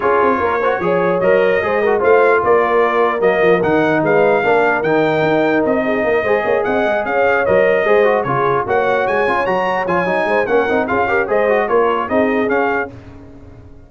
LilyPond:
<<
  \new Staff \with { instrumentName = "trumpet" } { \time 4/4 \tempo 4 = 149 cis''2. dis''4~ | dis''4 f''4 d''2 | dis''4 fis''4 f''2 | g''2 dis''2~ |
dis''8 fis''4 f''4 dis''4.~ | dis''8 cis''4 fis''4 gis''4 ais''8~ | ais''8 gis''4. fis''4 f''4 | dis''4 cis''4 dis''4 f''4 | }
  \new Staff \with { instrumentName = "horn" } { \time 4/4 gis'4 ais'8 c''8 cis''2 | c''8 ais'8 c''4 ais'2~ | ais'2 b'4 ais'4~ | ais'2~ ais'8 gis'8 ais'8 c''8 |
cis''8 dis''4 cis''2 c''8~ | c''8 gis'4 cis''2~ cis''8~ | cis''4. c''8 ais'4 gis'8 ais'8 | c''4 ais'4 gis'2 | }
  \new Staff \with { instrumentName = "trombone" } { \time 4/4 f'4. fis'8 gis'4 ais'4 | gis'8 fis'8 f'2. | ais4 dis'2 d'4 | dis'2.~ dis'8 gis'8~ |
gis'2~ gis'8 ais'4 gis'8 | fis'8 f'4 fis'4. f'8 fis'8~ | fis'8 f'8 dis'4 cis'8 dis'8 f'8 g'8 | gis'8 fis'8 f'4 dis'4 cis'4 | }
  \new Staff \with { instrumentName = "tuba" } { \time 4/4 cis'8 c'8 ais4 f4 fis4 | gis4 a4 ais2 | fis8 f8 dis4 gis4 ais4 | dis4 dis'4 c'4 ais8 gis8 |
ais8 c'8 gis8 cis'4 fis4 gis8~ | gis8 cis4 ais4 gis8 cis'8 fis8~ | fis8 f8 fis8 gis8 ais8 c'8 cis'4 | gis4 ais4 c'4 cis'4 | }
>>